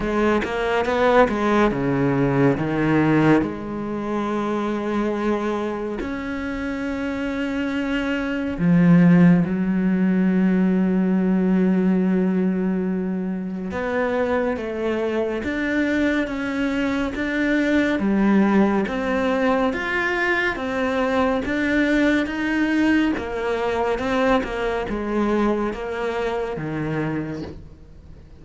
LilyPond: \new Staff \with { instrumentName = "cello" } { \time 4/4 \tempo 4 = 70 gis8 ais8 b8 gis8 cis4 dis4 | gis2. cis'4~ | cis'2 f4 fis4~ | fis1 |
b4 a4 d'4 cis'4 | d'4 g4 c'4 f'4 | c'4 d'4 dis'4 ais4 | c'8 ais8 gis4 ais4 dis4 | }